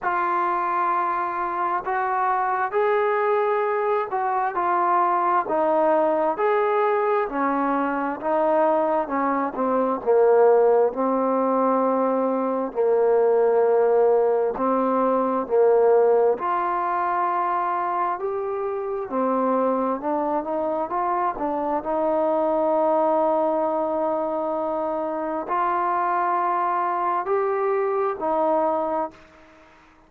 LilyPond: \new Staff \with { instrumentName = "trombone" } { \time 4/4 \tempo 4 = 66 f'2 fis'4 gis'4~ | gis'8 fis'8 f'4 dis'4 gis'4 | cis'4 dis'4 cis'8 c'8 ais4 | c'2 ais2 |
c'4 ais4 f'2 | g'4 c'4 d'8 dis'8 f'8 d'8 | dis'1 | f'2 g'4 dis'4 | }